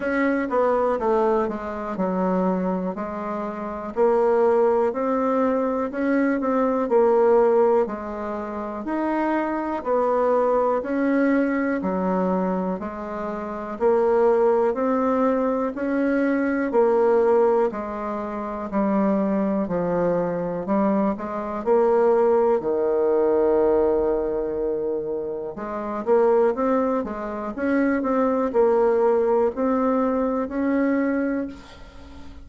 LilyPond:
\new Staff \with { instrumentName = "bassoon" } { \time 4/4 \tempo 4 = 61 cis'8 b8 a8 gis8 fis4 gis4 | ais4 c'4 cis'8 c'8 ais4 | gis4 dis'4 b4 cis'4 | fis4 gis4 ais4 c'4 |
cis'4 ais4 gis4 g4 | f4 g8 gis8 ais4 dis4~ | dis2 gis8 ais8 c'8 gis8 | cis'8 c'8 ais4 c'4 cis'4 | }